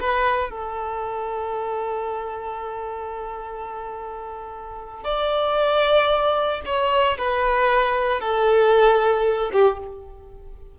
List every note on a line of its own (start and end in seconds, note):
0.00 0.50 B4
0.50 5.04 A4
5.04 6.61 D5
6.65 7.17 C#5
7.18 8.21 B4
8.21 9.51 A4
9.52 9.78 G4